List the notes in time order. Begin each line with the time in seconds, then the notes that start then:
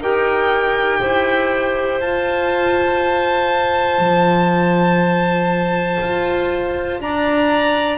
0.00 D#4 G4 A#4 G5
1.00 E4 C5
2.00 F4 A5
3.99 F3
6.01 F4
7.00 D4 D5 A#5